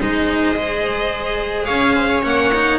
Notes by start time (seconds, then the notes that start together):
0.00 G#3 D#4 C5 D#5
0.57 G#4
1.65 C#4 C#5 F5
1.95 C5
2.09 C#5
2.23 A#3 C#4 F#5
2.54 D#4